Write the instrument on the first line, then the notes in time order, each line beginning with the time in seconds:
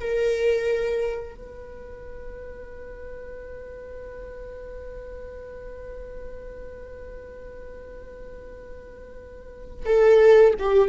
viola
0.00 A#4
1.35 B4
9.86 A4
10.59 G4